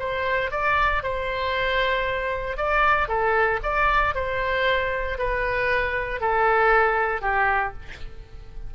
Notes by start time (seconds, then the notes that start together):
0.00 C5
0.51 D5
1.03 C5
2.57 D5
3.08 A4
3.63 D5
4.15 C5
5.19 B4
6.21 A4
7.22 G4